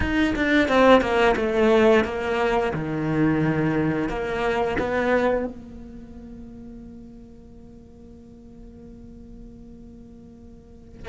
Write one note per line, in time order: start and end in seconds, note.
0.00 0.34 D#4
0.35 0.68 D4
0.68 1.01 C4
1.01 1.35 A#3
1.36 2.04 A3
2.04 2.72 A#3
2.73 4.08 D#3
4.08 4.77 A#3
4.79 5.46 B3
5.46 11.08 A#3